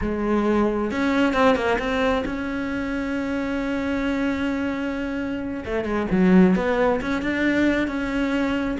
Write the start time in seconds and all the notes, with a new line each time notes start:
0.01 G#3
0.91 C#4
1.33 C4
1.55 A#3
1.79 C4
2.25 C#4
5.65 A3
5.84 G#3
6.11 F#3
6.55 B3
7.01 C#4
7.22 D4
7.87 C#4